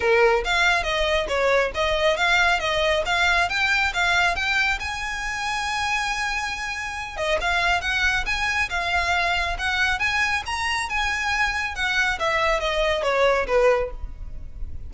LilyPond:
\new Staff \with { instrumentName = "violin" } { \time 4/4 \tempo 4 = 138 ais'4 f''4 dis''4 cis''4 | dis''4 f''4 dis''4 f''4 | g''4 f''4 g''4 gis''4~ | gis''1~ |
gis''8 dis''8 f''4 fis''4 gis''4 | f''2 fis''4 gis''4 | ais''4 gis''2 fis''4 | e''4 dis''4 cis''4 b'4 | }